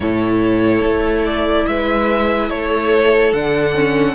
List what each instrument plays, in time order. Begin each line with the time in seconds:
0.00 cello A2, viola E4, violin A4 C#5
0.81 cello A3
1.25 violin D5
1.66 cello G#3, violin B4 E5
2.49 cello A3, violin A4 C#5
3.32 cello D3, viola D4, violin F#5
3.75 viola C#4